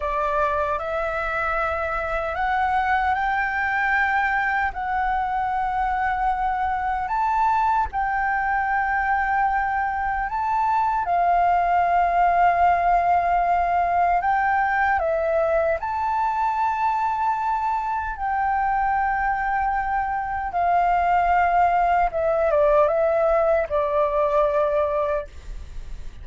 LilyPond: \new Staff \with { instrumentName = "flute" } { \time 4/4 \tempo 4 = 76 d''4 e''2 fis''4 | g''2 fis''2~ | fis''4 a''4 g''2~ | g''4 a''4 f''2~ |
f''2 g''4 e''4 | a''2. g''4~ | g''2 f''2 | e''8 d''8 e''4 d''2 | }